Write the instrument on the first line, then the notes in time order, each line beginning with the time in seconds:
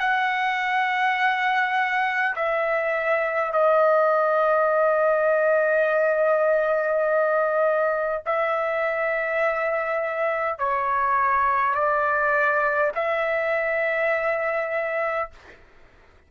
trumpet
0.00 F#5
2.36 E5
3.53 D#5
8.26 E5
10.59 C#5
11.75 D5
12.95 E5